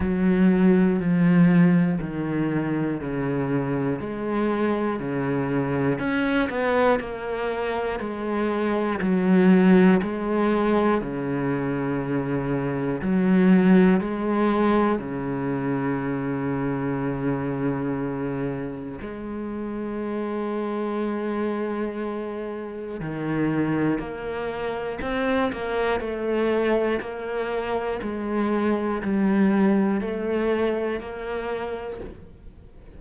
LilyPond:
\new Staff \with { instrumentName = "cello" } { \time 4/4 \tempo 4 = 60 fis4 f4 dis4 cis4 | gis4 cis4 cis'8 b8 ais4 | gis4 fis4 gis4 cis4~ | cis4 fis4 gis4 cis4~ |
cis2. gis4~ | gis2. dis4 | ais4 c'8 ais8 a4 ais4 | gis4 g4 a4 ais4 | }